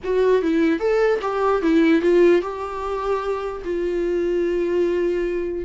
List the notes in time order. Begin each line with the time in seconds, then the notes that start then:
0.04 F#4
0.42 E4
0.79 A4
1.21 G4
1.61 E4
2.01 F4
2.41 G4
3.64 F4